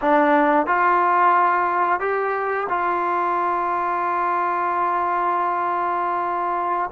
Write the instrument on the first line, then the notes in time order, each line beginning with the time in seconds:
trombone
0.01 D4
0.66 F4
1.99 G4
2.69 F4